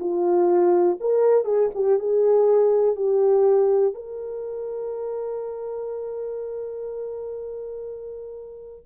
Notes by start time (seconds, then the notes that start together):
0.00 F4
1.00 A#4
1.45 G#4
1.75 G4
1.99 G#4
2.96 G4
3.94 A#4